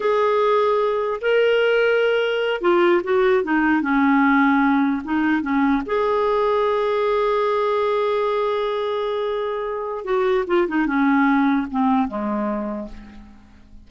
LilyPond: \new Staff \with { instrumentName = "clarinet" } { \time 4/4 \tempo 4 = 149 gis'2. ais'4~ | ais'2~ ais'8 f'4 fis'8~ | fis'8 dis'4 cis'2~ cis'8~ | cis'8 dis'4 cis'4 gis'4.~ |
gis'1~ | gis'1~ | gis'4 fis'4 f'8 dis'8 cis'4~ | cis'4 c'4 gis2 | }